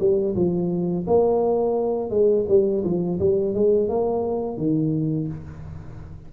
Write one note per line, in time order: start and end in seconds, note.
0.00 0.35 G3
0.36 1.06 F3
1.07 2.10 A#3
2.10 2.46 G#3
2.49 2.84 G3
2.85 3.20 F3
3.20 3.55 G3
3.55 3.89 G#3
3.89 4.58 A#3
4.58 5.28 D#3